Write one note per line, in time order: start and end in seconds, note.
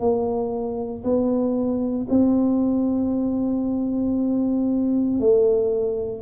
0.00 1.03 A#3
1.04 2.07 B3
2.09 5.20 C4
5.20 6.22 A3